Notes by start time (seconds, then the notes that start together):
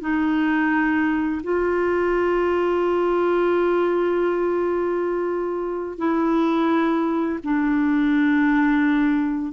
0.00 D#4
1.43 F4
5.98 E4
7.43 D4